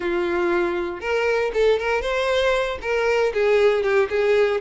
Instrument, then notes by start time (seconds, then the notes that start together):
violin
0.00 F4
1.00 A#4
1.53 A4
1.79 A#4
2.01 C5
2.81 A#4
3.33 G#4
3.83 G4
4.09 G#4